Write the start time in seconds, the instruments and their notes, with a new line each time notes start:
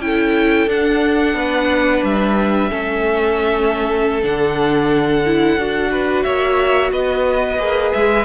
0.00 cello C#4, viola E4, violin A4 G5
0.68 cello D4, viola D4, violin F#5
1.34 cello B3, violin B4
2.04 cello G3, violin E5
2.70 cello A3, viola C#4, violin A4
4.23 cello D3, viola D4, violin F#5
5.26 viola E4
5.58 cello D4, viola F#4
5.92 violin B4
6.23 cello A#3, violin C#5 E5
6.92 cello B3, violin B4 D#5
7.58 cello A#3, viola G#4
7.93 cello G#3, violin E5